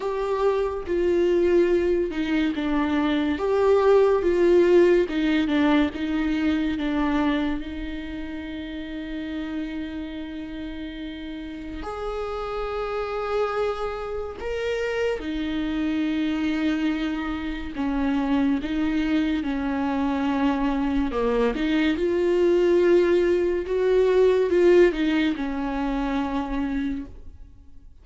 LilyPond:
\new Staff \with { instrumentName = "viola" } { \time 4/4 \tempo 4 = 71 g'4 f'4. dis'8 d'4 | g'4 f'4 dis'8 d'8 dis'4 | d'4 dis'2.~ | dis'2 gis'2~ |
gis'4 ais'4 dis'2~ | dis'4 cis'4 dis'4 cis'4~ | cis'4 ais8 dis'8 f'2 | fis'4 f'8 dis'8 cis'2 | }